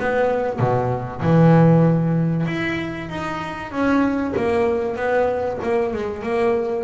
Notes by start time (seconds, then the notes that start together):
0.00 B3
0.59 B2
1.22 E3
2.47 E4
3.10 D#4
3.72 C#4
4.37 A#3
4.96 B3
5.63 A#3
5.94 G#3
6.23 A#3